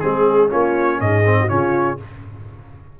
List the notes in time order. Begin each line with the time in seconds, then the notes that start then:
0.00 G#3 C4 G#4
0.49 A#3 C#4 F4 C#5
1.00 G#2 G#4 D#5
1.25 C4
1.41 F#4
1.48 C#3 C#4 F4 C#5